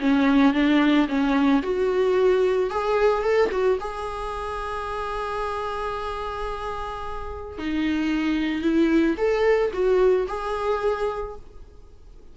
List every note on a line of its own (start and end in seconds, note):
0.00 0.54 C#4
0.54 1.08 D4
1.08 1.62 C#4
1.63 2.71 F#4
2.71 3.23 G#4
3.23 3.50 A4
3.52 3.79 F#4
3.81 7.58 G#4
7.58 8.62 D#4
8.62 9.16 E4
9.18 9.72 A4
9.73 10.27 F#4
10.28 11.36 G#4